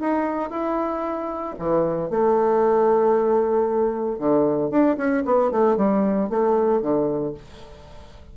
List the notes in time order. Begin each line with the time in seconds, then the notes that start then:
0.00 D#4
0.50 E4
1.59 E3
2.10 A3
4.19 D3
4.70 D4
4.97 C#4
5.25 B3
5.51 A3
5.77 G3
6.30 A3
6.82 D3